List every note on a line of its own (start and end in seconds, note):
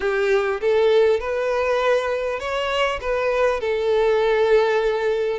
0.00 0.60 G4
0.60 1.20 A4
1.20 2.39 B4
2.39 2.99 C#5
3.00 3.60 B4
3.60 5.39 A4